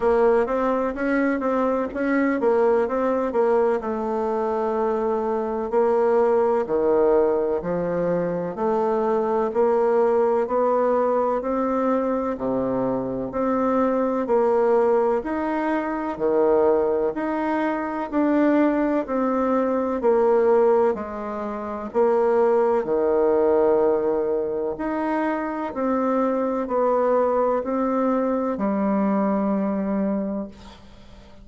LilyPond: \new Staff \with { instrumentName = "bassoon" } { \time 4/4 \tempo 4 = 63 ais8 c'8 cis'8 c'8 cis'8 ais8 c'8 ais8 | a2 ais4 dis4 | f4 a4 ais4 b4 | c'4 c4 c'4 ais4 |
dis'4 dis4 dis'4 d'4 | c'4 ais4 gis4 ais4 | dis2 dis'4 c'4 | b4 c'4 g2 | }